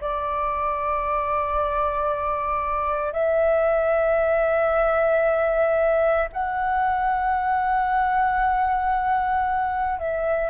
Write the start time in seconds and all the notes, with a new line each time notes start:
0.00 D5
3.12 E5
6.32 F#5
9.99 E5